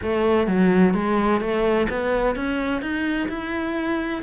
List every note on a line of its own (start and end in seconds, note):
0.02 0.47 A3
0.47 0.94 F#3
0.94 1.40 G#3
1.40 1.87 A3
1.89 2.35 B3
2.35 2.81 C#4
2.81 3.28 D#4
3.28 4.22 E4